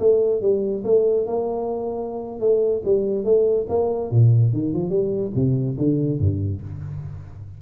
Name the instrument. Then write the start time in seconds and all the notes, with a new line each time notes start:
tuba
0.00 A3
0.42 G3
0.85 A3
1.27 A#3
2.40 A3
2.85 G3
3.25 A3
3.69 A#3
4.11 A#2
4.54 D#3
4.74 F3
4.90 G3
5.36 C3
5.78 D3
6.20 G2